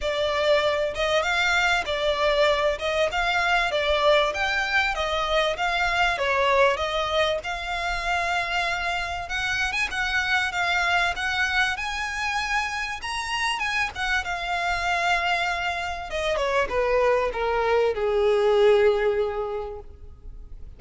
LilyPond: \new Staff \with { instrumentName = "violin" } { \time 4/4 \tempo 4 = 97 d''4. dis''8 f''4 d''4~ | d''8 dis''8 f''4 d''4 g''4 | dis''4 f''4 cis''4 dis''4 | f''2. fis''8. gis''16 |
fis''4 f''4 fis''4 gis''4~ | gis''4 ais''4 gis''8 fis''8 f''4~ | f''2 dis''8 cis''8 b'4 | ais'4 gis'2. | }